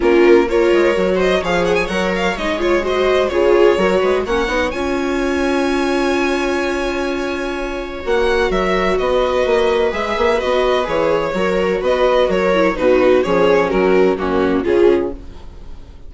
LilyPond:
<<
  \new Staff \with { instrumentName = "violin" } { \time 4/4 \tempo 4 = 127 ais'4 cis''4. dis''8 f''8 fis''16 gis''16 | fis''8 f''8 dis''8 cis''8 dis''4 cis''4~ | cis''4 fis''4 gis''2~ | gis''1~ |
gis''4 fis''4 e''4 dis''4~ | dis''4 e''4 dis''4 cis''4~ | cis''4 dis''4 cis''4 b'4 | cis''4 ais'4 fis'4 gis'4 | }
  \new Staff \with { instrumentName = "viola" } { \time 4/4 f'4 ais'4. c''8 cis''4~ | cis''2 c''4 gis'4 | ais'8 b'8 cis''2.~ | cis''1~ |
cis''2 ais'4 b'4~ | b'1 | ais'4 b'4 ais'4 fis'4 | gis'4 fis'4 cis'4 f'4 | }
  \new Staff \with { instrumentName = "viola" } { \time 4/4 cis'4 f'4 fis'4 gis'4 | ais'4 dis'8 f'8 fis'4 f'4 | fis'4 cis'8 dis'8 f'2~ | f'1~ |
f'4 fis'2.~ | fis'4 gis'4 fis'4 gis'4 | fis'2~ fis'8 e'8 dis'4 | cis'2 ais4 cis'4 | }
  \new Staff \with { instrumentName = "bassoon" } { \time 4/4 ais4. gis8 fis4 f4 | fis4 gis2 cis4 | fis8 gis8 ais8 b8 cis'2~ | cis'1~ |
cis'4 ais4 fis4 b4 | ais4 gis8 ais8 b4 e4 | fis4 b4 fis4 b,4 | f4 fis4 fis,4 cis4 | }
>>